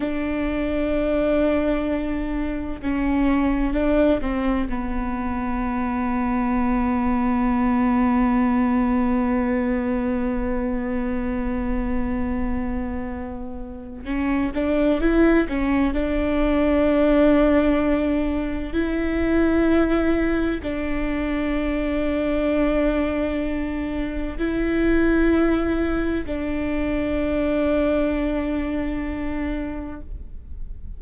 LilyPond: \new Staff \with { instrumentName = "viola" } { \time 4/4 \tempo 4 = 64 d'2. cis'4 | d'8 c'8 b2.~ | b1~ | b2. cis'8 d'8 |
e'8 cis'8 d'2. | e'2 d'2~ | d'2 e'2 | d'1 | }